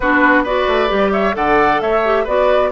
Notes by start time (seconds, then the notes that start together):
0.00 B3 D4 F#4 B4
0.43 F#4 B4 D5
0.67 A3
0.88 G3 G4
1.12 C#5 E5
1.32 D3 A4 D5 F#5
1.81 A3 C#5 E5
2.04 G4
2.23 B3 F#4 B4 D5